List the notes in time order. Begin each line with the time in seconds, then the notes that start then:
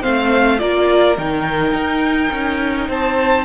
0.00 A3 C4 C5 F5
0.58 A#3 F4 A#4 D5
1.17 D#3 D#4 G5
1.72 D#4
2.31 C#4
2.88 C4 C5 A5